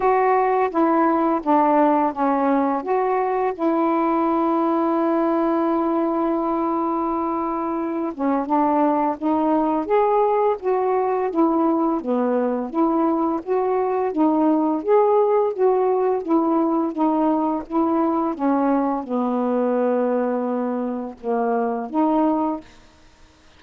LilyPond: \new Staff \with { instrumentName = "saxophone" } { \time 4/4 \tempo 4 = 85 fis'4 e'4 d'4 cis'4 | fis'4 e'2.~ | e'2.~ e'8 cis'8 | d'4 dis'4 gis'4 fis'4 |
e'4 b4 e'4 fis'4 | dis'4 gis'4 fis'4 e'4 | dis'4 e'4 cis'4 b4~ | b2 ais4 dis'4 | }